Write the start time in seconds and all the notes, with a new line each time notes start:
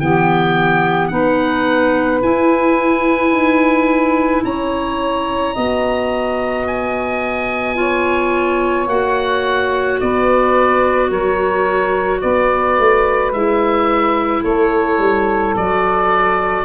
0.00 E3 B3 G4 G5
1.07 B3 D#4 B4 F#5
2.22 E4 G#5
3.31 D#4
4.44 C#4 C#5 A#5
5.54 B3 F#4 D#5
6.67 G#5
7.75 F4 C#5
8.87 A#3 F#4 F#5
10.00 B3 B4 D5
11.08 F#3 A#4 C#5
12.21 B3 B4 D5
12.78 A3
13.32 G#3 E4 E5
14.42 A3 A4 C#5
14.98 G3
15.56 F#3 F#4 D5